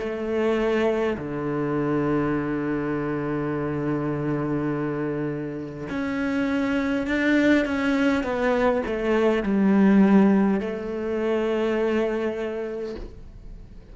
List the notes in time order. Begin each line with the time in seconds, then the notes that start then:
0.00 A3
1.18 D3
5.90 C#4
7.07 D4
7.66 C#4
8.24 B3
8.87 A3
9.44 G3
10.60 A3